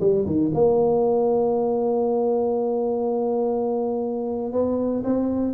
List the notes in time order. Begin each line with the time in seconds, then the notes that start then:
0.00 G3
0.26 D#3
0.54 A#3
4.53 B3
5.04 C4